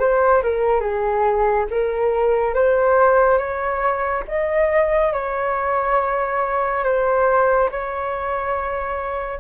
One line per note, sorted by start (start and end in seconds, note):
0.00 0.43 C5
0.43 0.81 A#4
0.81 1.66 G#4
1.71 2.55 A#4
2.55 3.39 C5
3.39 4.24 C#5
4.28 5.13 D#5
5.13 6.84 C#5
6.84 7.70 C5
7.71 9.40 C#5